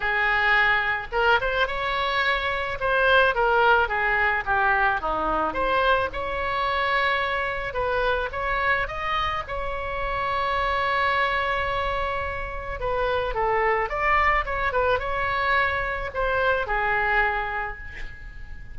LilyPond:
\new Staff \with { instrumentName = "oboe" } { \time 4/4 \tempo 4 = 108 gis'2 ais'8 c''8 cis''4~ | cis''4 c''4 ais'4 gis'4 | g'4 dis'4 c''4 cis''4~ | cis''2 b'4 cis''4 |
dis''4 cis''2.~ | cis''2. b'4 | a'4 d''4 cis''8 b'8 cis''4~ | cis''4 c''4 gis'2 | }